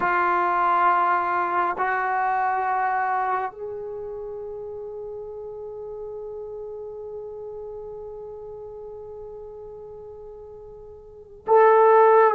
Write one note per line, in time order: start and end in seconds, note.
0.00 1.76 F4
1.78 3.51 F#4
3.51 11.45 G#4
11.47 12.34 A4